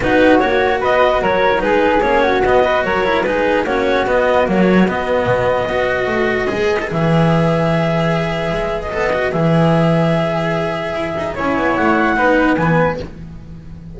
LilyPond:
<<
  \new Staff \with { instrumentName = "clarinet" } { \time 4/4 \tempo 4 = 148 b'4 cis''4 dis''4 cis''4 | b'4 cis''4 dis''4 cis''4 | b'4 cis''4 dis''4 cis''4 | dis''1~ |
dis''4 e''2.~ | e''4.~ e''16 dis''4~ dis''16 e''4~ | e''1 | gis''4 fis''2 gis''4 | }
  \new Staff \with { instrumentName = "flute" } { \time 4/4 fis'2 b'4 ais'4 | gis'4. fis'4 b'8 ais'4 | gis'4 fis'2.~ | fis'2 b'2~ |
b'1~ | b'1~ | b'1 | cis''2 b'2 | }
  \new Staff \with { instrumentName = "cello" } { \time 4/4 dis'4 fis'2~ fis'8. e'16 | dis'4 cis'4 b8 fis'4 e'8 | dis'4 cis'4 b4 fis4 | b2 fis'2 |
gis'8. a'16 gis'2.~ | gis'2 a'8 fis'8 gis'4~ | gis'1 | e'2 dis'4 b4 | }
  \new Staff \with { instrumentName = "double bass" } { \time 4/4 b4 ais4 b4 fis4 | gis4 ais4 b4 fis4 | gis4 ais4 b4 ais4 | b4 b,4 b4 a4 |
gis4 e2.~ | e4 gis4 b4 e4~ | e2. e'8 dis'8 | cis'8 b8 a4 b4 e4 | }
>>